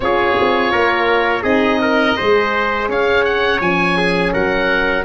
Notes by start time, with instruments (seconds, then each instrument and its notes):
0.00 tuba C#4, horn F4, trumpet G#4, oboe C#5
0.40 tuba C4
0.72 tuba A#3, trumpet A#4
1.42 tuba C4, horn D#4, trumpet G#4, oboe D#5
1.81 trumpet A#4
2.16 tuba G#3, horn G#4, trumpet C5
2.88 tuba C#4, trumpet C#5, oboe F5
3.24 oboe F#5
3.60 tuba F3, horn C#4, oboe G#5
3.97 trumpet G#4
4.32 tuba F#3, trumpet A#4, oboe F#5